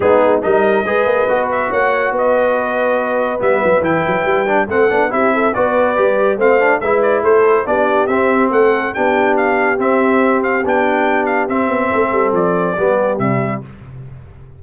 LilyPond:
<<
  \new Staff \with { instrumentName = "trumpet" } { \time 4/4 \tempo 4 = 141 gis'4 dis''2~ dis''8 e''8 | fis''4 dis''2. | e''4 g''2 fis''4 | e''4 d''2 f''4 |
e''8 d''8 c''4 d''4 e''4 | fis''4 g''4 f''4 e''4~ | e''8 f''8 g''4. f''8 e''4~ | e''4 d''2 e''4 | }
  \new Staff \with { instrumentName = "horn" } { \time 4/4 dis'4 ais'4 b'2 | cis''4 b'2.~ | b'2. a'4 | g'8 a'8 b'2 c''4 |
b'4 a'4 g'2 | a'4 g'2.~ | g'1 | a'2 g'2 | }
  \new Staff \with { instrumentName = "trombone" } { \time 4/4 b4 dis'4 gis'4 fis'4~ | fis'1 | b4 e'4. d'8 c'8 d'8 | e'4 fis'4 g'4 c'8 d'8 |
e'2 d'4 c'4~ | c'4 d'2 c'4~ | c'4 d'2 c'4~ | c'2 b4 g4 | }
  \new Staff \with { instrumentName = "tuba" } { \time 4/4 gis4 g4 gis8 ais8 b4 | ais4 b2. | g8 fis8 e8 fis8 g4 a8 b8 | c'4 b4 g4 a4 |
gis4 a4 b4 c'4 | a4 b2 c'4~ | c'4 b2 c'8 b8 | a8 g8 f4 g4 c4 | }
>>